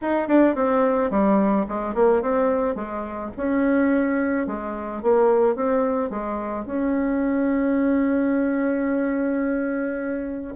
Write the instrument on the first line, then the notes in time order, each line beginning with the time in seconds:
bassoon
0.01 D#4
0.28 D4
0.55 C4
1.10 G3
1.68 G#3
1.94 A#3
2.22 C4
2.75 G#3
3.36 C#4
4.46 G#3
5.02 A#3
5.55 C4
6.10 G#3
6.65 C#4